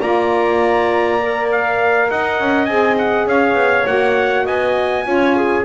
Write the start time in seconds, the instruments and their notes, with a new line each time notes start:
0.00 double bass A#3, saxophone F4, clarinet D5, trumpet A#5
1.21 saxophone A#4
1.52 trumpet F5
2.11 double bass D#4, clarinet D#5, trumpet F#5
2.40 double bass C#4
2.65 double bass C4, saxophone G#4, trumpet G#5
2.98 trumpet F#5
3.27 double bass C#4, clarinet C#5, trumpet F5
3.54 double bass B3
3.86 double bass A#3, saxophone F#4, trumpet F#5
4.44 double bass B3, clarinet D#5, trumpet G#5
5.03 double bass C#4, saxophone F4, clarinet C#5
5.36 clarinet G#4